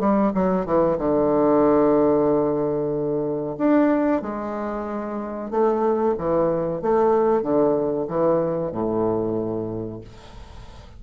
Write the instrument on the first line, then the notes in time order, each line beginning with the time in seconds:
bassoon
0.00 G3
0.34 F#3
0.66 E3
0.99 D3
3.58 D4
4.22 G#3
5.51 A3
6.18 E3
6.82 A3
7.42 D3
8.08 E3
8.72 A2